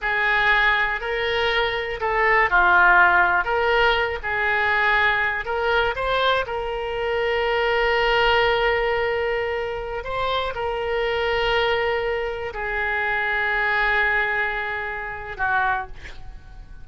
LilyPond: \new Staff \with { instrumentName = "oboe" } { \time 4/4 \tempo 4 = 121 gis'2 ais'2 | a'4 f'2 ais'4~ | ais'8 gis'2~ gis'8 ais'4 | c''4 ais'2.~ |
ais'1~ | ais'16 c''4 ais'2~ ais'8.~ | ais'4~ ais'16 gis'2~ gis'8.~ | gis'2. fis'4 | }